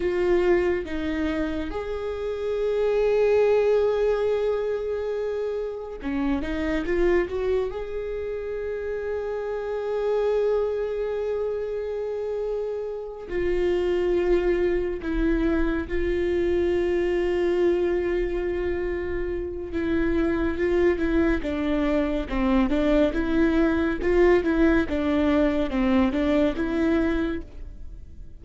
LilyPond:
\new Staff \with { instrumentName = "viola" } { \time 4/4 \tempo 4 = 70 f'4 dis'4 gis'2~ | gis'2. cis'8 dis'8 | f'8 fis'8 gis'2.~ | gis'2.~ gis'8 f'8~ |
f'4. e'4 f'4.~ | f'2. e'4 | f'8 e'8 d'4 c'8 d'8 e'4 | f'8 e'8 d'4 c'8 d'8 e'4 | }